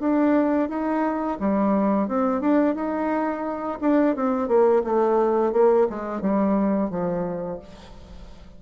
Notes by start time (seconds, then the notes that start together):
0.00 D4
0.69 D#4
1.40 G3
2.08 C4
2.41 D4
2.75 D#4
3.81 D4
4.16 C4
4.48 A#3
4.84 A3
5.53 A#3
5.90 G#3
6.22 G3
6.91 F3